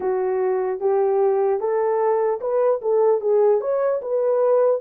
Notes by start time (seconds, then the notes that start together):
0.00 F#4
0.79 G4
1.59 A4
2.40 B4
2.81 A4
3.20 G#4
3.60 C#5
4.01 B4